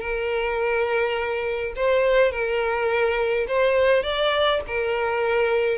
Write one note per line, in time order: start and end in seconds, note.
0.00 1.73 A#4
1.76 2.31 C5
2.31 3.46 A#4
3.47 4.03 C5
4.03 4.60 D5
4.67 5.77 A#4